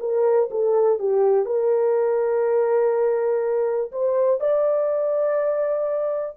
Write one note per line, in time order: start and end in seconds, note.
0.00 0.49 A#4
0.51 0.99 A4
0.99 1.46 G4
1.46 3.92 A#4
3.92 4.40 C5
4.40 6.37 D5